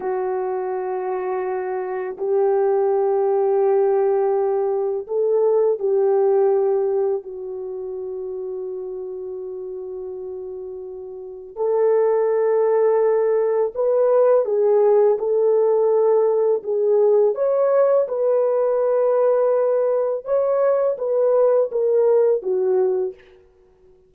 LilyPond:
\new Staff \with { instrumentName = "horn" } { \time 4/4 \tempo 4 = 83 fis'2. g'4~ | g'2. a'4 | g'2 fis'2~ | fis'1 |
a'2. b'4 | gis'4 a'2 gis'4 | cis''4 b'2. | cis''4 b'4 ais'4 fis'4 | }